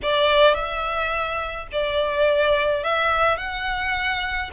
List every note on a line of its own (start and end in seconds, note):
0.02 0.54 D5
0.54 1.67 E5
1.71 2.83 D5
2.83 3.37 E5
3.37 4.50 F#5